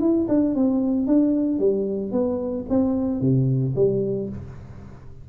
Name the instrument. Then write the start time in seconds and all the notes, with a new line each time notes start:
tuba
0.00 E4
0.28 D4
0.55 C4
1.07 D4
1.59 G3
2.12 B3
2.69 C4
3.20 C3
3.75 G3